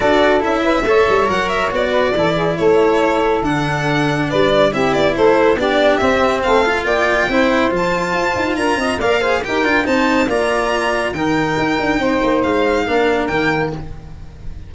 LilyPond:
<<
  \new Staff \with { instrumentName = "violin" } { \time 4/4 \tempo 4 = 140 d''4 e''2 fis''8 e''8 | d''2 cis''2 | fis''2 d''4 e''8 d''8 | c''4 d''4 e''4 f''4 |
g''2 a''2 | ais''4 f''4 g''4 a''4 | ais''2 g''2~ | g''4 f''2 g''4 | }
  \new Staff \with { instrumentName = "saxophone" } { \time 4/4 a'4. b'8 cis''2~ | cis''8 b'8 a'8 gis'8 a'2~ | a'2 b'4 g'4 | a'4 g'2 a'4 |
d''4 c''2. | ais'8 dis''8 d''8 c''8 ais'4 c''4 | d''2 ais'2 | c''2 ais'2 | }
  \new Staff \with { instrumentName = "cello" } { \time 4/4 fis'4 e'4 a'4 ais'4 | fis'4 e'2. | d'2. e'4~ | e'4 d'4 c'4. f'8~ |
f'4 e'4 f'2~ | f'4 ais'8 gis'8 g'8 f'8 dis'4 | f'2 dis'2~ | dis'2 d'4 ais4 | }
  \new Staff \with { instrumentName = "tuba" } { \time 4/4 d'4 cis'4 a8 g8 fis4 | b4 e4 a2 | d2 g4 c'8 b8 | a4 b4 c'4 a4 |
ais4 c'4 f4 f'8 dis'8 | d'8 c'8 ais4 dis'8 d'8 c'4 | ais2 dis4 dis'8 d'8 | c'8 ais8 gis4 ais4 dis4 | }
>>